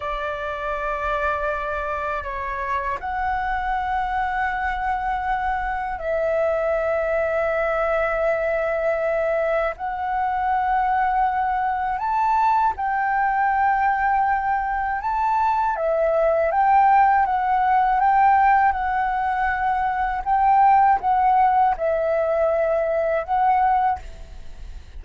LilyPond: \new Staff \with { instrumentName = "flute" } { \time 4/4 \tempo 4 = 80 d''2. cis''4 | fis''1 | e''1~ | e''4 fis''2. |
a''4 g''2. | a''4 e''4 g''4 fis''4 | g''4 fis''2 g''4 | fis''4 e''2 fis''4 | }